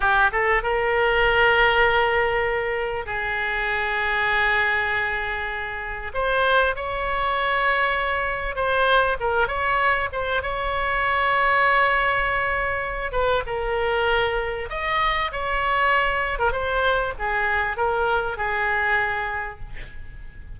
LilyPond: \new Staff \with { instrumentName = "oboe" } { \time 4/4 \tempo 4 = 98 g'8 a'8 ais'2.~ | ais'4 gis'2.~ | gis'2 c''4 cis''4~ | cis''2 c''4 ais'8 cis''8~ |
cis''8 c''8 cis''2.~ | cis''4. b'8 ais'2 | dis''4 cis''4.~ cis''16 ais'16 c''4 | gis'4 ais'4 gis'2 | }